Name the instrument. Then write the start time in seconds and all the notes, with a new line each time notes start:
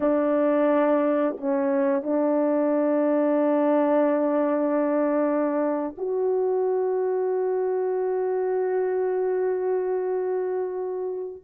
horn
0.00 D4
1.37 C#4
2.03 D4
5.97 F#4